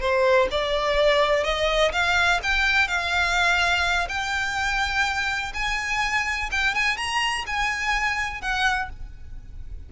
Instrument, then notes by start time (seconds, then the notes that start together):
violin
0.00 C5
0.51 D5
1.44 D#5
1.92 F5
2.43 G5
2.88 F5
4.08 G5
5.54 G#5
6.51 G5
6.75 G#5
6.97 A#5
7.47 G#5
8.41 F#5